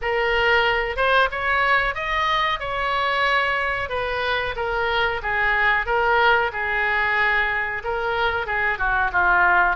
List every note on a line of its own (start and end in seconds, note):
0.01 0.96 A#4
0.96 1.29 C5
1.31 1.94 C#5
1.94 2.59 D#5
2.59 3.89 C#5
3.89 4.54 B4
4.56 5.21 A#4
5.22 5.85 G#4
5.85 6.51 A#4
6.52 7.82 G#4
7.84 8.46 A#4
8.46 8.78 G#4
8.78 9.10 F#4
9.12 9.75 F4